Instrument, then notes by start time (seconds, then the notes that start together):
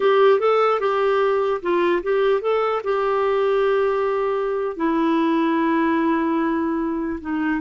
clarinet
0.00 G4
0.39 A4
0.80 G4
1.61 F4
2.02 G4
2.41 A4
2.83 G4
4.76 E4
7.20 D#4